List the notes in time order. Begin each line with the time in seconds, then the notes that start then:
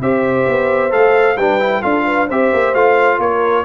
0.00 C4 G4 C5 E5
0.47 B3
0.89 A3 A4 F5
1.36 G3 D4 B4 G5
1.59 E4
1.81 D4 F4 A4 F5
2.05 B4
2.27 C4 G4 C5 E5
2.53 A#3
2.73 A3 F4 F5
3.18 A#3 A#4 C#5